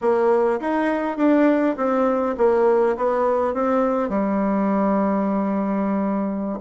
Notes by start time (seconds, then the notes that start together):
0.01 A#3
0.60 D#4
1.17 D4
1.76 C4
2.37 A#3
2.96 B3
3.53 C4
4.09 G3